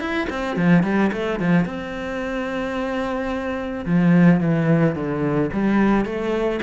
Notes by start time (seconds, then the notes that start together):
0.00 E4
0.30 C4
0.57 F3
0.83 G3
1.12 A3
1.40 F3
1.65 C4
3.86 F3
4.40 E3
4.95 D3
5.53 G3
6.05 A3